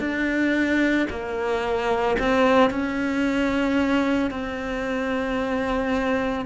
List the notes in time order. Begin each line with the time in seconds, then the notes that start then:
0.00 D4
1.10 A#3
2.19 C4
2.70 C#4
4.31 C4